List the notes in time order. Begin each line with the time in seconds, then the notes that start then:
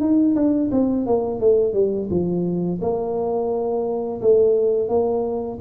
0.00 D#4
0.35 D4
0.71 C4
1.06 A#3
1.40 A3
1.74 G3
2.10 F3
2.82 A#3
4.21 A3
4.89 A#3